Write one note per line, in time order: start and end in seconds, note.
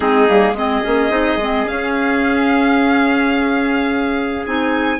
0.00 0.28 G#3
0.00 0.28 C4
0.00 0.54 D#4
0.00 0.55 G#4
0.28 0.52 G3
0.28 0.56 A#3
0.52 0.80 G#3
0.52 0.83 C4
0.52 4.99 G#4
0.52 1.68 D#5
0.83 1.10 A#3
0.83 1.10 C#4
1.10 1.36 C4
1.10 1.38 D#4
1.36 1.64 G#3
1.36 1.65 C4
1.65 4.43 C#4
1.65 4.45 C#4
1.65 4.45 F5
4.45 4.99 C4
4.45 4.99 D#4
4.45 4.99 G#5